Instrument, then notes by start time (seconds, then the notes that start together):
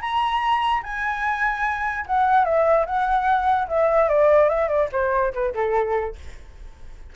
flute
0.00 A#5
0.83 G#5
2.06 F#5
2.44 E5
2.86 F#5
3.68 E5
4.08 D5
4.49 E5
4.68 D5
4.92 C5
5.33 B4
5.54 A4